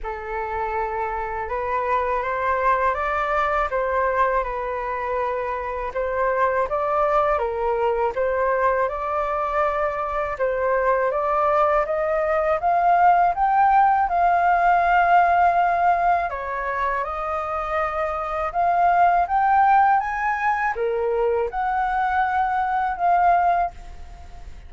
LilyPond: \new Staff \with { instrumentName = "flute" } { \time 4/4 \tempo 4 = 81 a'2 b'4 c''4 | d''4 c''4 b'2 | c''4 d''4 ais'4 c''4 | d''2 c''4 d''4 |
dis''4 f''4 g''4 f''4~ | f''2 cis''4 dis''4~ | dis''4 f''4 g''4 gis''4 | ais'4 fis''2 f''4 | }